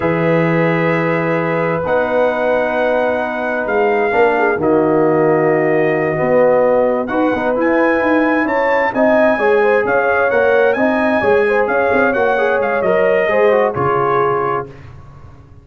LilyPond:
<<
  \new Staff \with { instrumentName = "trumpet" } { \time 4/4 \tempo 4 = 131 e''1 | fis''1 | f''2 dis''2~ | dis''2.~ dis''8 fis''8~ |
fis''8 gis''2 a''4 gis''8~ | gis''4. f''4 fis''4 gis''8~ | gis''4. f''4 fis''4 f''8 | dis''2 cis''2 | }
  \new Staff \with { instrumentName = "horn" } { \time 4/4 b'1~ | b'1~ | b'4 ais'8 gis'8 fis'2~ | fis'2.~ fis'8 b'8~ |
b'2~ b'8 cis''4 dis''8~ | dis''8 cis''8 c''8 cis''2 dis''8~ | dis''8 cis''8 c''8 cis''2~ cis''8~ | cis''4 c''4 gis'2 | }
  \new Staff \with { instrumentName = "trombone" } { \time 4/4 gis'1 | dis'1~ | dis'4 d'4 ais2~ | ais4. b2 fis'8 |
dis'8 e'2. dis'8~ | dis'8 gis'2 ais'4 dis'8~ | dis'8 gis'2 fis'8 gis'4 | ais'4 gis'8 fis'8 f'2 | }
  \new Staff \with { instrumentName = "tuba" } { \time 4/4 e1 | b1 | gis4 ais4 dis2~ | dis4. b2 dis'8 |
b8 e'4 dis'4 cis'4 c'8~ | c'8 gis4 cis'4 ais4 c'8~ | c'8 gis4 cis'8 c'8 ais4 gis8 | fis4 gis4 cis2 | }
>>